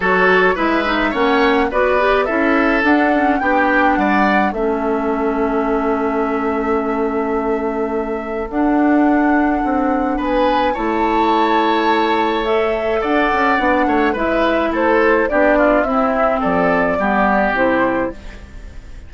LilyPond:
<<
  \new Staff \with { instrumentName = "flute" } { \time 4/4 \tempo 4 = 106 cis''4 e''4 fis''4 d''4 | e''4 fis''4 g''4 fis''4 | e''1~ | e''2. fis''4~ |
fis''2 gis''4 a''4~ | a''2 e''4 fis''4~ | fis''4 e''4 c''4 d''4 | e''4 d''2 c''4 | }
  \new Staff \with { instrumentName = "oboe" } { \time 4/4 a'4 b'4 cis''4 b'4 | a'2 g'4 d''4 | a'1~ | a'1~ |
a'2 b'4 cis''4~ | cis''2. d''4~ | d''8 cis''8 b'4 a'4 g'8 f'8 | e'4 a'4 g'2 | }
  \new Staff \with { instrumentName = "clarinet" } { \time 4/4 fis'4 e'8 dis'8 cis'4 fis'8 g'8 | e'4 d'8 cis'8 d'2 | cis'1~ | cis'2. d'4~ |
d'2. e'4~ | e'2 a'2 | d'4 e'2 d'4 | c'2 b4 e'4 | }
  \new Staff \with { instrumentName = "bassoon" } { \time 4/4 fis4 gis4 ais4 b4 | cis'4 d'4 b4 g4 | a1~ | a2. d'4~ |
d'4 c'4 b4 a4~ | a2. d'8 cis'8 | b8 a8 gis4 a4 b4 | c'4 f4 g4 c4 | }
>>